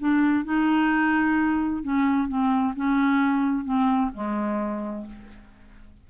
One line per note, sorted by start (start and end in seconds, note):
0.00 0.45 D4
0.45 1.84 D#4
1.84 2.29 C#4
2.29 2.75 C4
2.76 3.65 C#4
3.65 4.11 C4
4.15 5.07 G#3